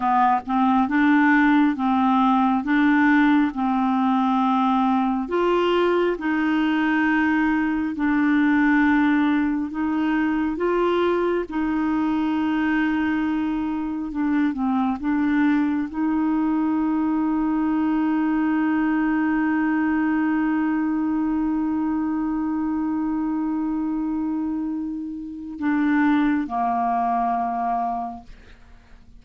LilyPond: \new Staff \with { instrumentName = "clarinet" } { \time 4/4 \tempo 4 = 68 b8 c'8 d'4 c'4 d'4 | c'2 f'4 dis'4~ | dis'4 d'2 dis'4 | f'4 dis'2. |
d'8 c'8 d'4 dis'2~ | dis'1~ | dis'1~ | dis'4 d'4 ais2 | }